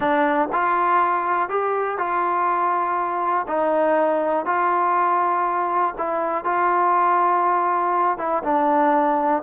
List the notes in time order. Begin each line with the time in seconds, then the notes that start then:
0.00 D4
0.52 F4
1.49 G4
1.97 F4
3.47 D#4
4.45 F4
5.98 E4
6.44 F4
8.18 E4
8.43 D4